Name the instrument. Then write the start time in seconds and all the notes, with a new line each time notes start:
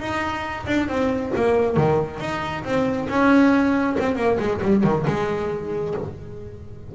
double bass
0.00 D#4
0.67 D4
0.88 C4
1.36 A#3
1.77 D#3
2.20 D#4
2.65 C4
3.09 C#4
3.99 C4
4.16 A#3
4.40 G#3
4.62 G3
4.84 D#3
5.07 G#3